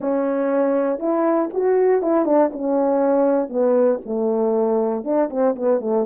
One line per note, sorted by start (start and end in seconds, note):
0.00 0.99 C#4
0.99 1.49 E4
1.53 2.02 F#4
2.02 2.25 E4
2.25 2.50 D4
2.52 3.49 C#4
3.49 3.99 B3
4.05 5.04 A3
5.04 5.29 D4
5.29 5.55 C4
5.55 5.80 B3
5.80 6.05 A3